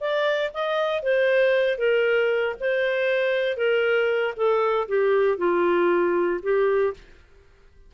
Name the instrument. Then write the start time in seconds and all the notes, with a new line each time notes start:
clarinet
0.00 D5
0.54 D#5
1.03 C5
1.78 A#4
2.60 C5
3.57 A#4
4.37 A4
4.88 G4
5.38 F4
6.42 G4